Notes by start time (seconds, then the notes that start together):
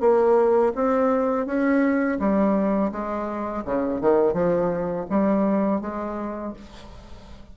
0.00 A#3
0.75 C4
1.46 C#4
2.19 G3
2.91 G#3
3.65 C#3
4.01 D#3
4.33 F3
5.10 G3
5.81 G#3